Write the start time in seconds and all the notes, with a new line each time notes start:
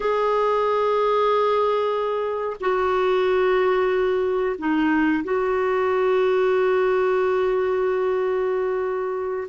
0.00 G#4
2.60 F#4
4.58 D#4
5.24 F#4